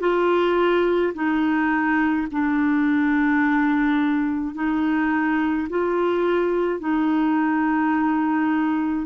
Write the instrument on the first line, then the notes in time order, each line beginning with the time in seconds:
clarinet
0.00 F4
1.14 D#4
2.31 D4
4.54 D#4
5.69 F4
6.80 D#4